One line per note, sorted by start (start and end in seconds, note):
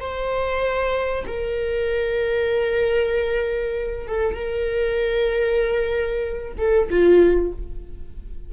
0.00 1.25 C5
1.27 4.07 A#4
4.07 4.35 A4
4.35 6.53 A#4
6.57 6.89 A4
6.90 7.52 F4